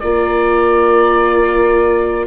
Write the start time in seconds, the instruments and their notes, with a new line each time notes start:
0.00 bassoon A#3, viola F4, horn A#4, oboe D5